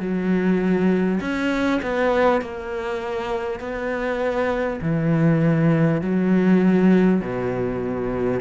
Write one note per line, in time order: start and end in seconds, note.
0.00 1.20 F#3
1.21 1.81 C#4
1.82 2.42 B3
2.42 3.60 A#3
3.60 4.80 B3
4.82 6.02 E3
6.02 7.21 F#3
7.21 8.41 B2